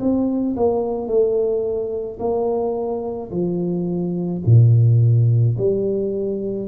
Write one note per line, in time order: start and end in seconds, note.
0.00 0.56 C4
0.57 1.08 A#3
1.08 2.19 A3
2.20 3.31 A#3
3.31 4.42 F3
4.46 5.57 A#2
5.58 6.69 G3